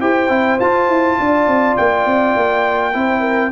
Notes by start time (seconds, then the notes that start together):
0.00 E4 G4 C5 G5
0.29 C4 E4
0.60 F4 A5
0.89 E4
1.19 D4 D5
1.47 C4
1.77 A#3 G5
2.06 C4
2.37 A#3
2.93 C4 E4 C5
3.20 A#4